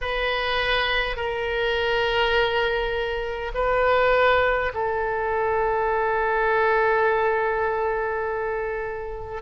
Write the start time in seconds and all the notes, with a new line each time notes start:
0.01 B4
1.16 A#4
3.54 B4
4.73 A4